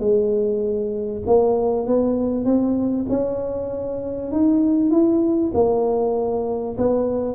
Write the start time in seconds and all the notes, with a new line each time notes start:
0.00 G#3
1.27 A#3
1.87 B3
2.45 C4
3.10 C#4
4.32 D#4
4.91 E4
5.54 A#3
6.78 B3